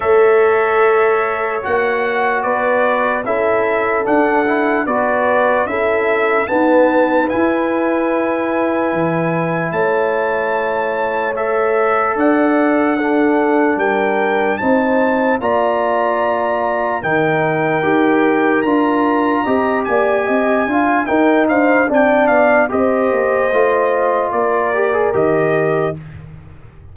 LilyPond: <<
  \new Staff \with { instrumentName = "trumpet" } { \time 4/4 \tempo 4 = 74 e''2 fis''4 d''4 | e''4 fis''4 d''4 e''4 | a''4 gis''2. | a''2 e''4 fis''4~ |
fis''4 g''4 a''4 ais''4~ | ais''4 g''2 ais''4~ | ais''8 gis''4. g''8 f''8 g''8 f''8 | dis''2 d''4 dis''4 | }
  \new Staff \with { instrumentName = "horn" } { \time 4/4 cis''2. b'4 | a'2 b'4 a'4 | b'1 | cis''2. d''4 |
a'4 ais'4 c''4 d''4~ | d''4 ais'2. | dis''8 d''8 dis''8 f''8 ais'8 c''8 d''4 | c''2 ais'2 | }
  \new Staff \with { instrumentName = "trombone" } { \time 4/4 a'2 fis'2 | e'4 d'8 e'8 fis'4 e'4 | b4 e'2.~ | e'2 a'2 |
d'2 dis'4 f'4~ | f'4 dis'4 g'4 f'4 | g'4. f'8 dis'4 d'4 | g'4 f'4. g'16 gis'16 g'4 | }
  \new Staff \with { instrumentName = "tuba" } { \time 4/4 a2 ais4 b4 | cis'4 d'4 b4 cis'4 | dis'4 e'2 e4 | a2. d'4~ |
d'4 g4 c'4 ais4~ | ais4 dis4 dis'4 d'4 | c'8 ais8 c'8 d'8 dis'8 d'8 c'8 b8 | c'8 ais8 a4 ais4 dis4 | }
>>